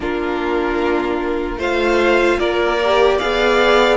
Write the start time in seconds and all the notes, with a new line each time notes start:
0.00 A#3 D4 F4 A#4
1.57 A3 F4 C5 F5
2.39 A#3 A#4 D5
2.83 G4
3.17 B3 G#4 D5 F5